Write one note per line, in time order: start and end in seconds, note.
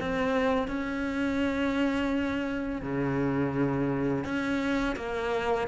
0.00 0.68 C4
0.68 2.82 C#4
2.82 4.24 C#3
4.24 4.96 C#4
4.96 5.68 A#3